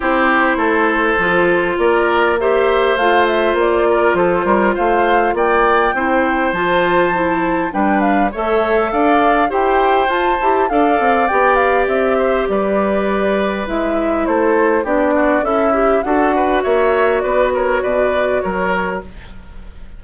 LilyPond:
<<
  \new Staff \with { instrumentName = "flute" } { \time 4/4 \tempo 4 = 101 c''2. d''4 | e''4 f''8 e''8 d''4 c''4 | f''4 g''2 a''4~ | a''4 g''8 f''8 e''4 f''4 |
g''4 a''4 f''4 g''8 f''8 | e''4 d''2 e''4 | c''4 d''4 e''4 fis''4 | e''4 d''8 cis''8 d''4 cis''4 | }
  \new Staff \with { instrumentName = "oboe" } { \time 4/4 g'4 a'2 ais'4 | c''2~ c''8 ais'8 a'8 ais'8 | c''4 d''4 c''2~ | c''4 b'4 cis''4 d''4 |
c''2 d''2~ | d''8 c''8 b'2. | a'4 g'8 fis'8 e'4 a'8 b'8 | cis''4 b'8 ais'8 b'4 ais'4 | }
  \new Staff \with { instrumentName = "clarinet" } { \time 4/4 e'2 f'2 | g'4 f'2.~ | f'2 e'4 f'4 | e'4 d'4 a'2 |
g'4 f'8 g'8 a'4 g'4~ | g'2. e'4~ | e'4 d'4 a'8 g'8 fis'4~ | fis'1 | }
  \new Staff \with { instrumentName = "bassoon" } { \time 4/4 c'4 a4 f4 ais4~ | ais4 a4 ais4 f8 g8 | a4 ais4 c'4 f4~ | f4 g4 a4 d'4 |
e'4 f'8 e'8 d'8 c'8 b4 | c'4 g2 gis4 | a4 b4 cis'4 d'4 | ais4 b4 b,4 fis4 | }
>>